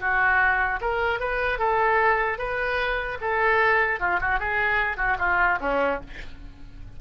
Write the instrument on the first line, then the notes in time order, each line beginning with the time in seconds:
oboe
0.00 F#4
0.81 A#4
1.20 B4
1.59 A4
2.38 B4
3.21 A4
4.00 F4
4.21 F#4
4.39 G#4
4.97 F#4
5.19 F4
5.61 C#4